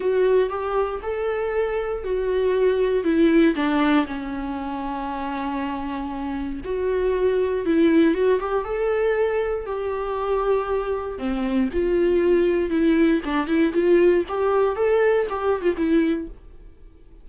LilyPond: \new Staff \with { instrumentName = "viola" } { \time 4/4 \tempo 4 = 118 fis'4 g'4 a'2 | fis'2 e'4 d'4 | cis'1~ | cis'4 fis'2 e'4 |
fis'8 g'8 a'2 g'4~ | g'2 c'4 f'4~ | f'4 e'4 d'8 e'8 f'4 | g'4 a'4 g'8. f'16 e'4 | }